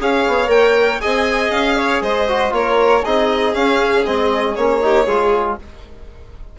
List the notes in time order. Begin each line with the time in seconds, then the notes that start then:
0.00 C#4 G#4 C#5 F5
0.28 B3
0.47 A#3 A#4 G5
1.01 C4 G#4 D#5 G#5
1.50 C#4 F5
1.77 C#5
2.01 G#3 C5 D#5
2.28 F#4
2.50 A#3 F4 C#5
2.58 A#4
3.05 C4 D#4 G#4 D#5
3.53 C#4 F5
4.05 G#3 C4 D#5
4.55 A#3 C#4 C#5
4.82 D#4 G4
5.06 G#3 F4 G#4